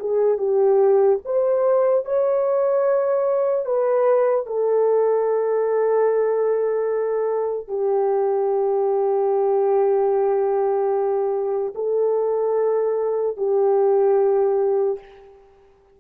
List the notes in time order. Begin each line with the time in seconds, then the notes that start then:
0.00 G#4
0.38 G4
1.25 C5
2.05 C#5
3.66 B4
4.46 A4
7.68 G4
11.75 A4
13.37 G4